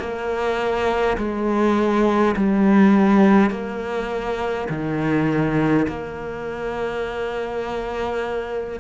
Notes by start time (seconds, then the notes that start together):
0.00 A#3
1.18 G#3
2.37 G3
3.51 A#3
4.70 D#3
5.88 A#3